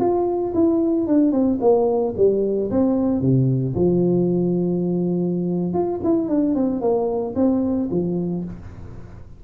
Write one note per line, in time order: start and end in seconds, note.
0.00 0.54 F4
0.54 1.07 E4
1.07 1.32 D4
1.32 1.59 C4
1.61 2.14 A#3
2.17 2.70 G3
2.71 3.21 C4
3.21 3.75 C3
3.75 5.73 F3
5.73 6.00 F4
6.04 6.29 E4
6.29 6.55 D4
6.55 6.81 C4
6.81 7.35 A#3
7.36 7.89 C4
7.91 8.44 F3